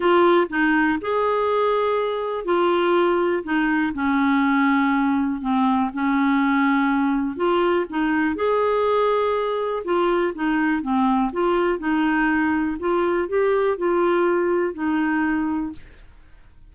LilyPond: \new Staff \with { instrumentName = "clarinet" } { \time 4/4 \tempo 4 = 122 f'4 dis'4 gis'2~ | gis'4 f'2 dis'4 | cis'2. c'4 | cis'2. f'4 |
dis'4 gis'2. | f'4 dis'4 c'4 f'4 | dis'2 f'4 g'4 | f'2 dis'2 | }